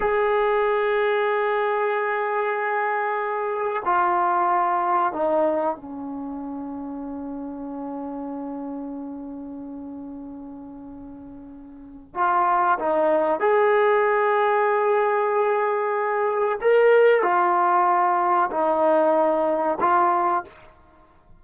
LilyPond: \new Staff \with { instrumentName = "trombone" } { \time 4/4 \tempo 4 = 94 gis'1~ | gis'2 f'2 | dis'4 cis'2.~ | cis'1~ |
cis'2. f'4 | dis'4 gis'2.~ | gis'2 ais'4 f'4~ | f'4 dis'2 f'4 | }